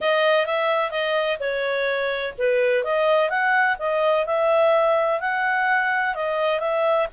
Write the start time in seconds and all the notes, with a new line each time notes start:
0.00 D#5
0.46 E5
0.90 D#5
1.39 C#5
2.38 B4
2.84 D#5
3.29 F#5
3.78 D#5
4.26 E5
5.20 F#5
6.14 D#5
6.59 E5